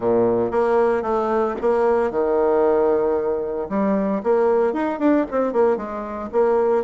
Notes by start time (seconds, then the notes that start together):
0.00 A#2
0.51 A#3
1.02 A3
1.61 A#3
2.10 D#3
3.69 G3
4.23 A#3
4.73 D#4
4.99 D4
5.30 C4
5.52 A#3
5.77 G#3
6.32 A#3